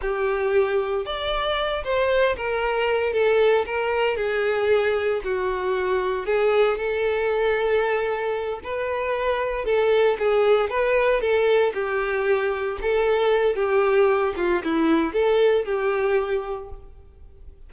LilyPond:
\new Staff \with { instrumentName = "violin" } { \time 4/4 \tempo 4 = 115 g'2 d''4. c''8~ | c''8 ais'4. a'4 ais'4 | gis'2 fis'2 | gis'4 a'2.~ |
a'8 b'2 a'4 gis'8~ | gis'8 b'4 a'4 g'4.~ | g'8 a'4. g'4. f'8 | e'4 a'4 g'2 | }